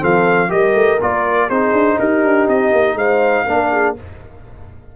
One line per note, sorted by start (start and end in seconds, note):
0.00 0.52 F3
0.00 0.49 C4
0.00 0.49 A4
0.00 0.51 F5
0.49 0.75 G3
0.49 0.98 G4
0.49 1.48 A#4
0.49 1.00 D#5
0.75 0.99 A3
1.01 1.50 A#3
1.01 1.51 F4
1.01 1.50 D5
1.48 1.73 C4
1.48 3.47 D#4
1.48 1.98 G#4
1.48 1.99 C5
1.73 1.98 D4
2.00 2.25 D#4
2.00 2.98 G4
2.00 2.49 A#4
2.25 2.48 D4
2.48 2.73 C4
2.48 2.98 D#5
2.73 2.95 A#3
2.95 3.44 G#3
2.95 3.46 C5
2.95 3.97 F5
3.46 3.97 A#3
3.46 3.97 D4
3.46 3.70 A#4
3.72 3.97 G#4